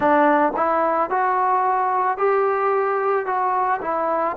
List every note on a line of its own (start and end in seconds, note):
0.00 0.52 D4
0.56 1.10 E4
1.10 2.17 F#4
2.17 3.25 G4
3.25 3.80 F#4
3.81 4.36 E4